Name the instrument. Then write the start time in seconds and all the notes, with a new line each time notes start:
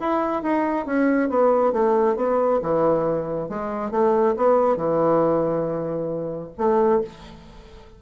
bassoon
0.00 E4
0.43 D#4
0.86 C#4
1.30 B3
1.73 A3
2.16 B3
2.62 E3
3.49 G#3
3.91 A3
4.37 B3
4.77 E3
6.58 A3